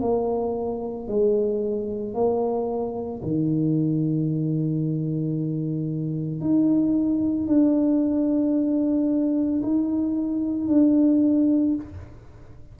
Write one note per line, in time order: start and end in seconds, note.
0.00 1.07 A#3
1.07 2.14 G#3
2.14 3.21 A#3
3.22 6.40 D#3
6.40 7.47 D#4
7.47 9.61 D4
9.62 10.68 D#4
10.68 11.75 D4